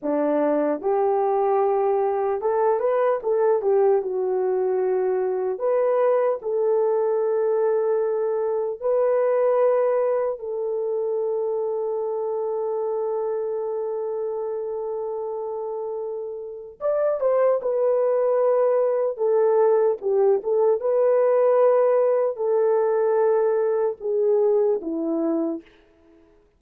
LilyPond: \new Staff \with { instrumentName = "horn" } { \time 4/4 \tempo 4 = 75 d'4 g'2 a'8 b'8 | a'8 g'8 fis'2 b'4 | a'2. b'4~ | b'4 a'2.~ |
a'1~ | a'4 d''8 c''8 b'2 | a'4 g'8 a'8 b'2 | a'2 gis'4 e'4 | }